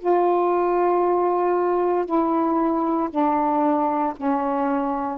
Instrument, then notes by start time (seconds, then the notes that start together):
saxophone
0.00 F4
2.06 E4
3.10 D4
4.17 C#4